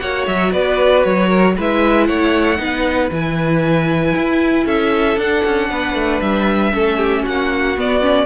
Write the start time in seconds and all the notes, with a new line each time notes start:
0.00 A#3 F#4 C#5 F#5
0.27 F#3 E5
0.52 B3 B4 D5
1.04 F#3 C#5
1.28 A#4
1.57 G#3 E4 B4 E5
2.06 A3 C#5 F#5
2.57 B3 D#4 B4
3.11 E3 E4 G#5
4.16 E4
4.65 C#4 A4 E5
5.17 D4 F#5
5.45 C#4
5.70 B3 B4
5.94 A3
6.21 G3 E5
6.72 A3 C#4 A4
6.97 G4
7.23 A#3 F#4 F#5
7.77 B3 D5
8.01 C#4